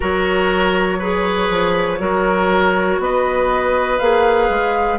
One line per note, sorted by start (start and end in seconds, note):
0.00 1.50 F#3
0.00 1.00 F#4
0.00 0.98 A#4
0.00 3.02 C#5
0.98 1.98 G#4
0.98 1.98 B4
1.50 1.99 F3
1.98 2.99 F#3
1.98 3.98 F#4
1.98 3.00 A#4
2.99 3.99 B3
2.99 4.99 B4
2.99 3.99 D#5
3.99 4.49 A#3
3.99 4.99 G#4
3.99 4.99 F5
4.49 4.99 G#3